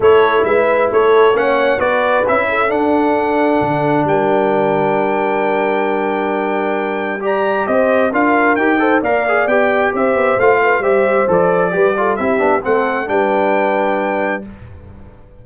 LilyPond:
<<
  \new Staff \with { instrumentName = "trumpet" } { \time 4/4 \tempo 4 = 133 cis''4 e''4 cis''4 fis''4 | d''4 e''4 fis''2~ | fis''4 g''2.~ | g''1 |
ais''4 dis''4 f''4 g''4 | f''4 g''4 e''4 f''4 | e''4 d''2 e''4 | fis''4 g''2. | }
  \new Staff \with { instrumentName = "horn" } { \time 4/4 a'4 b'4 a'4 cis''4 | b'4. a'2~ a'8~ | a'4 ais'2.~ | ais'1 |
d''4 c''4 ais'4. c''8 | d''2 c''4. b'8 | c''2 b'8 a'8 g'4 | a'4 b'2. | }
  \new Staff \with { instrumentName = "trombone" } { \time 4/4 e'2. cis'4 | fis'4 e'4 d'2~ | d'1~ | d'1 |
g'2 f'4 g'8 a'8 | ais'8 gis'8 g'2 f'4 | g'4 a'4 g'8 f'8 e'8 d'8 | c'4 d'2. | }
  \new Staff \with { instrumentName = "tuba" } { \time 4/4 a4 gis4 a4 ais4 | b4 cis'4 d'2 | d4 g2.~ | g1~ |
g4 c'4 d'4 dis'4 | ais4 b4 c'8 b8 a4 | g4 f4 g4 c'8 b8 | a4 g2. | }
>>